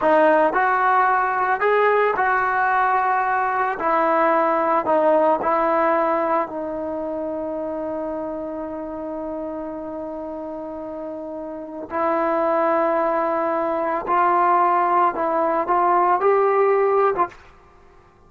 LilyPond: \new Staff \with { instrumentName = "trombone" } { \time 4/4 \tempo 4 = 111 dis'4 fis'2 gis'4 | fis'2. e'4~ | e'4 dis'4 e'2 | dis'1~ |
dis'1~ | dis'2 e'2~ | e'2 f'2 | e'4 f'4 g'4.~ g'16 f'16 | }